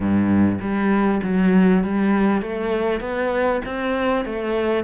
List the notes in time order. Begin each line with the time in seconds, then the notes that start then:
0.00 G2
0.60 G3
1.23 F#3
1.83 G3
2.42 A3
3.00 B3
3.65 C4
4.25 A3